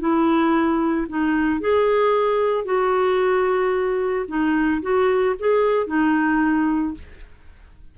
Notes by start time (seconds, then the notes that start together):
0.00 E4
1.09 D#4
1.61 G#4
2.65 F#4
4.28 D#4
4.82 F#4
5.40 G#4
5.87 D#4